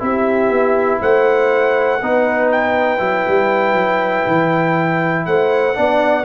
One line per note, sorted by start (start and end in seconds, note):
0.00 0.50 C4
0.00 2.00 E4
0.00 1.01 G4
0.00 1.02 E5
0.50 1.00 B3
1.01 2.01 A3
1.01 2.01 C5
1.01 2.52 F#5
2.02 3.00 B3
2.02 2.99 D#4
2.02 5.27 B4
2.52 5.26 G5
2.99 3.25 F#3
2.99 5.74 E4
3.28 3.74 G3
3.74 4.24 F#3
4.27 5.26 E3
5.26 5.76 A3
5.26 5.77 C5
5.26 6.25 F#5
5.74 6.25 B3
5.74 6.24 D4
5.74 6.25 D5